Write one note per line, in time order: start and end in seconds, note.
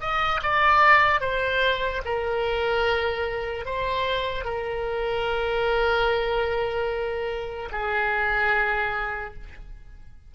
0.00 0.41 D#5
0.42 1.21 D5
1.21 2.02 C5
2.05 3.65 A#4
3.65 4.44 C5
4.44 7.69 A#4
7.72 9.34 G#4